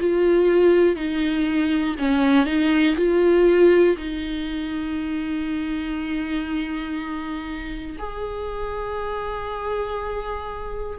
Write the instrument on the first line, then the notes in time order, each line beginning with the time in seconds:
viola
0.00 F4
0.95 D#4
1.99 C#4
2.45 D#4
2.96 F4
3.97 D#4
7.99 G#4